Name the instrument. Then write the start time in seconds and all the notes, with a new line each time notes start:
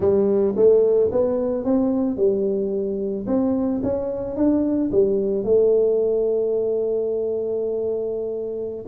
tuba
0.00 G3
0.56 A3
1.11 B3
1.64 C4
2.16 G3
3.27 C4
3.83 C#4
4.36 D4
4.91 G3
5.44 A3